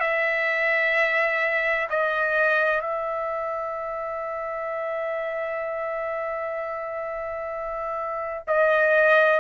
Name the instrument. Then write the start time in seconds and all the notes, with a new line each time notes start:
trumpet
0.00 E5
1.90 D#5
2.81 E5
8.48 D#5